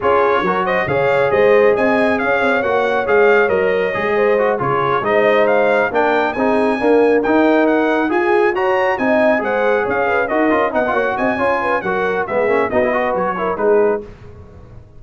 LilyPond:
<<
  \new Staff \with { instrumentName = "trumpet" } { \time 4/4 \tempo 4 = 137 cis''4. dis''8 f''4 dis''4 | gis''4 f''4 fis''4 f''4 | dis''2~ dis''8 cis''4 dis''8~ | dis''8 f''4 g''4 gis''4.~ |
gis''8 g''4 fis''4 gis''4 ais''8~ | ais''8 gis''4 fis''4 f''4 dis''8~ | dis''8 fis''4 gis''4. fis''4 | e''4 dis''4 cis''4 b'4 | }
  \new Staff \with { instrumentName = "horn" } { \time 4/4 gis'4 ais'8 c''8 cis''4 c''4 | dis''4 cis''2.~ | cis''4. c''4 gis'4 c''8~ | c''4. ais'4 gis'4 ais'8~ |
ais'2~ ais'8 gis'4 cis''8~ | cis''8 dis''4 c''4 cis''8 b'8 ais'8~ | ais'8 dis''8 cis''8 dis''8 cis''8 b'8 ais'4 | gis'4 fis'8 b'4 ais'8 gis'4 | }
  \new Staff \with { instrumentName = "trombone" } { \time 4/4 f'4 fis'4 gis'2~ | gis'2 fis'4 gis'4 | ais'4 gis'4 fis'8 f'4 dis'8~ | dis'4. d'4 dis'4 ais8~ |
ais8 dis'2 gis'4 fis'8~ | fis'8 dis'4 gis'2 fis'8 | f'8 dis'16 f'16 fis'4 f'4 fis'4 | b8 cis'8 dis'16 e'16 fis'4 e'8 dis'4 | }
  \new Staff \with { instrumentName = "tuba" } { \time 4/4 cis'4 fis4 cis4 gis4 | c'4 cis'8 c'8 ais4 gis4 | fis4 gis4. cis4 gis8~ | gis4. ais4 c'4 d'8~ |
d'8 dis'2 f'4 fis'8~ | fis'8 c'4 gis4 cis'4 dis'8 | cis'8 b8 ais8 c'8 cis'4 fis4 | gis8 ais8 b4 fis4 gis4 | }
>>